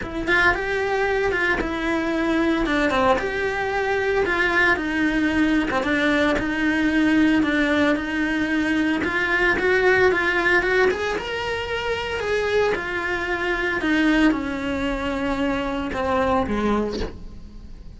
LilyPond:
\new Staff \with { instrumentName = "cello" } { \time 4/4 \tempo 4 = 113 e'8 f'8 g'4. f'8 e'4~ | e'4 d'8 c'8 g'2 | f'4 dis'4.~ dis'16 c'16 d'4 | dis'2 d'4 dis'4~ |
dis'4 f'4 fis'4 f'4 | fis'8 gis'8 ais'2 gis'4 | f'2 dis'4 cis'4~ | cis'2 c'4 gis4 | }